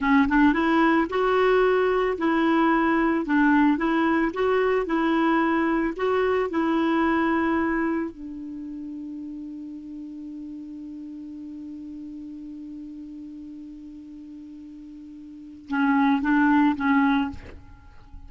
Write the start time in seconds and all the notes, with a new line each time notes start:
0.00 C#4
0.28 D4
0.53 E4
1.09 F#4
2.17 E4
3.25 D4
3.77 E4
4.33 F#4
4.86 E4
5.96 F#4
6.50 E4
8.11 D4
15.68 C#4
16.21 D4
16.76 C#4